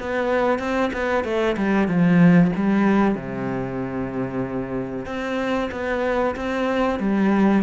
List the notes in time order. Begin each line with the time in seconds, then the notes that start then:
0.00 B3
0.59 C4
0.93 B3
1.25 A3
1.58 G3
1.88 F3
2.56 G3
3.15 C3
5.06 C4
5.72 B3
6.36 C4
7.00 G3